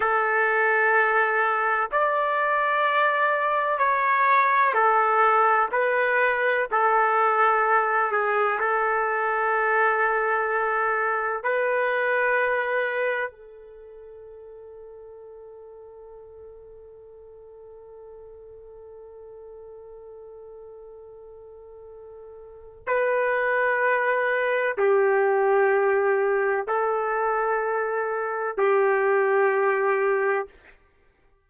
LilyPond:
\new Staff \with { instrumentName = "trumpet" } { \time 4/4 \tempo 4 = 63 a'2 d''2 | cis''4 a'4 b'4 a'4~ | a'8 gis'8 a'2. | b'2 a'2~ |
a'1~ | a'1 | b'2 g'2 | a'2 g'2 | }